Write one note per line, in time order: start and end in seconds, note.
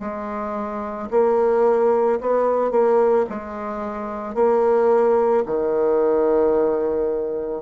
0.00 1.09 G#3
1.11 2.20 A#3
2.21 2.71 B3
2.71 3.26 A#3
3.30 4.35 G#3
4.35 5.44 A#3
5.46 7.62 D#3